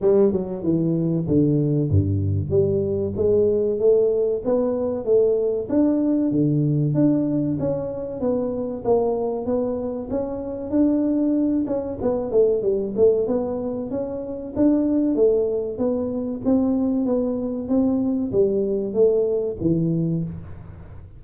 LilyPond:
\new Staff \with { instrumentName = "tuba" } { \time 4/4 \tempo 4 = 95 g8 fis8 e4 d4 g,4 | g4 gis4 a4 b4 | a4 d'4 d4 d'4 | cis'4 b4 ais4 b4 |
cis'4 d'4. cis'8 b8 a8 | g8 a8 b4 cis'4 d'4 | a4 b4 c'4 b4 | c'4 g4 a4 e4 | }